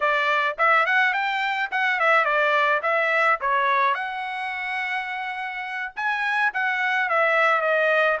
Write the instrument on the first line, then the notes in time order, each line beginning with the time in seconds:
trumpet
0.00 D5
0.58 E5
0.85 F#5
1.13 G5
1.71 F#5
1.99 E5
2.24 D5
2.82 E5
3.40 C#5
3.94 F#5
5.96 G#5
6.53 F#5
7.09 E5
7.61 D#5